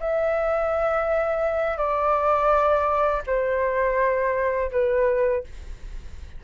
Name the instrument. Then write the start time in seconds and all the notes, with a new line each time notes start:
flute
0.00 E5
1.77 D5
3.26 C5
4.71 B4